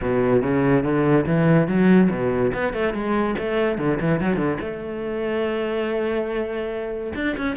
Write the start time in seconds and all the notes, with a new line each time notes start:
0.01 B2
0.42 C#3
0.83 D3
1.26 E3
1.67 F#3
2.10 B2
2.53 B3
2.73 A3
2.93 G#3
3.38 A3
3.78 D3
4.00 E3
4.20 F#3
4.36 D3
4.60 A3
7.15 D4
7.37 C#4